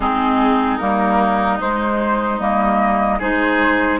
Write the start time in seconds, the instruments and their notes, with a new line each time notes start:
0.00 bassoon G#3, clarinet C4, oboe D#4, flute G#4
0.77 bassoon G3, clarinet A#3, flute A#4
1.60 clarinet G#3, bassoon G#3, flute C5
2.39 bassoon G3, clarinet A#3, flute D#5
3.18 bassoon G#3, clarinet D#4, oboe G#4, flute C5